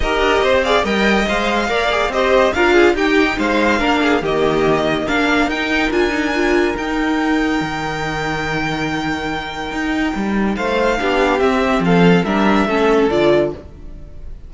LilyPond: <<
  \new Staff \with { instrumentName = "violin" } { \time 4/4 \tempo 4 = 142 dis''4. f''8 g''4 f''4~ | f''4 dis''4 f''4 g''4 | f''2 dis''2 | f''4 g''4 gis''2 |
g''1~ | g''1~ | g''4 f''2 e''4 | f''4 e''2 d''4 | }
  \new Staff \with { instrumentName = "violin" } { \time 4/4 ais'4 c''8 d''8 dis''2 | d''4 c''4 ais'8 gis'8 g'4 | c''4 ais'8 gis'8 g'2 | ais'1~ |
ais'1~ | ais'1~ | ais'4 c''4 g'2 | a'4 ais'4 a'2 | }
  \new Staff \with { instrumentName = "viola" } { \time 4/4 g'4. gis'8 ais'4 c''4 | ais'8 gis'8 g'4 f'4 dis'4~ | dis'4 d'4 ais2 | d'4 dis'4 f'8 dis'8 f'4 |
dis'1~ | dis'1~ | dis'2 d'4 c'4~ | c'4 d'4 cis'4 f'4 | }
  \new Staff \with { instrumentName = "cello" } { \time 4/4 dis'8 d'8 c'4 g4 gis4 | ais4 c'4 d'4 dis'4 | gis4 ais4 dis2 | ais4 dis'4 d'2 |
dis'2 dis2~ | dis2. dis'4 | g4 a4 b4 c'4 | f4 g4 a4 d4 | }
>>